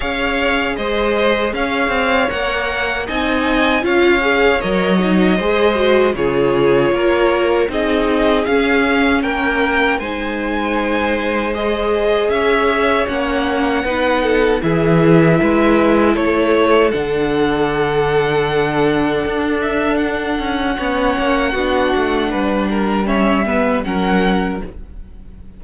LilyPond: <<
  \new Staff \with { instrumentName = "violin" } { \time 4/4 \tempo 4 = 78 f''4 dis''4 f''4 fis''4 | gis''4 f''4 dis''2 | cis''2 dis''4 f''4 | g''4 gis''2 dis''4 |
e''4 fis''2 e''4~ | e''4 cis''4 fis''2~ | fis''4. e''8 fis''2~ | fis''2 e''4 fis''4 | }
  \new Staff \with { instrumentName = "violin" } { \time 4/4 cis''4 c''4 cis''2 | dis''4 cis''2 c''4 | gis'4 ais'4 gis'2 | ais'4 c''2. |
cis''2 b'8 a'8 gis'4 | b'4 a'2.~ | a'2. cis''4 | fis'4 b'8 ais'8 cis''8 b'8 ais'4 | }
  \new Staff \with { instrumentName = "viola" } { \time 4/4 gis'2. ais'4 | dis'4 f'8 gis'8 ais'8 dis'8 gis'8 fis'8 | f'2 dis'4 cis'4~ | cis'4 dis'2 gis'4~ |
gis'4 cis'4 dis'4 e'4~ | e'2 d'2~ | d'2. cis'4 | d'2 cis'8 b8 cis'4 | }
  \new Staff \with { instrumentName = "cello" } { \time 4/4 cis'4 gis4 cis'8 c'8 ais4 | c'4 cis'4 fis4 gis4 | cis4 ais4 c'4 cis'4 | ais4 gis2. |
cis'4 ais4 b4 e4 | gis4 a4 d2~ | d4 d'4. cis'8 b8 ais8 | b8 a8 g2 fis4 | }
>>